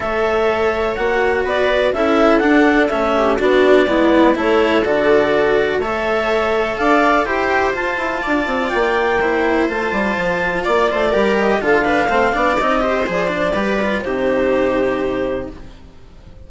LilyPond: <<
  \new Staff \with { instrumentName = "clarinet" } { \time 4/4 \tempo 4 = 124 e''2 fis''4 d''4 | e''4 fis''4 e''4 d''4~ | d''4 cis''4 d''2 | e''2 f''4 g''4 |
a''2 g''2 | a''2 d''4. dis''8 | f''2 dis''4 d''4~ | d''4 c''2. | }
  \new Staff \with { instrumentName = "viola" } { \time 4/4 cis''2. b'4 | a'2~ a'8 g'8 fis'4 | e'4 a'2. | cis''2 d''4 c''4~ |
c''4 d''2 c''4~ | c''2 d''8 c''8 ais'4 | a'8 b'8 c''8 d''4 c''4. | b'4 g'2. | }
  \new Staff \with { instrumentName = "cello" } { \time 4/4 a'2 fis'2 | e'4 d'4 cis'4 d'4 | b4 e'4 fis'2 | a'2. g'4 |
f'2. e'4 | f'2. g'4 | f'8 d'8 c'8 d'8 dis'8 g'8 gis'8 d'8 | g'8 f'8 dis'2. | }
  \new Staff \with { instrumentName = "bassoon" } { \time 4/4 a2 ais4 b4 | cis'4 d'4 a4 b4 | gis4 a4 d2 | a2 d'4 e'4 |
f'8 e'8 d'8 c'8 ais2 | a8 g8 f4 ais8 a8 g4 | d4 a8 b8 c'4 f4 | g4 c2. | }
>>